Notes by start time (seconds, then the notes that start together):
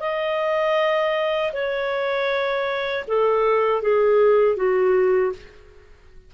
0.00 D#5
1.53 C#5
3.08 A4
3.82 G#4
4.56 F#4